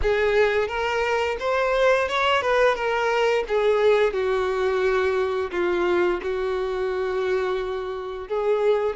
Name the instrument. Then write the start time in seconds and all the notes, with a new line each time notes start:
violin
0.02 G#4
0.67 A#4
1.39 C5
2.08 C#5
2.41 B4
2.75 A#4
3.48 G#4
4.13 F#4
5.51 F4
6.22 F#4
8.28 G#4